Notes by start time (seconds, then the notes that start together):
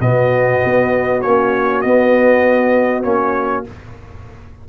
0.00 B2 B3 F#4 D#5
0.64 B3
1.21 A#3 C#4 C#5
1.81 B3 D#5
3.03 A#3 C#4 C#5